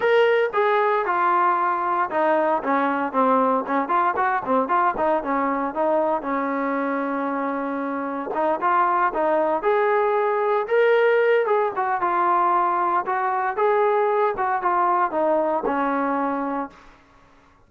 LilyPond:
\new Staff \with { instrumentName = "trombone" } { \time 4/4 \tempo 4 = 115 ais'4 gis'4 f'2 | dis'4 cis'4 c'4 cis'8 f'8 | fis'8 c'8 f'8 dis'8 cis'4 dis'4 | cis'1 |
dis'8 f'4 dis'4 gis'4.~ | gis'8 ais'4. gis'8 fis'8 f'4~ | f'4 fis'4 gis'4. fis'8 | f'4 dis'4 cis'2 | }